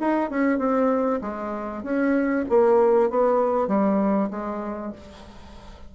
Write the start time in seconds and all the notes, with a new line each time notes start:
0.00 D#4
0.30 C#4
0.58 C4
1.21 G#3
1.83 C#4
2.49 A#3
3.10 B3
3.67 G3
4.30 G#3